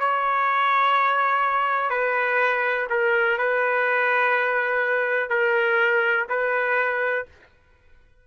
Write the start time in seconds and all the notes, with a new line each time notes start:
0.00 C#5
1.90 B4
2.90 A#4
3.38 B4
5.30 A#4
6.29 B4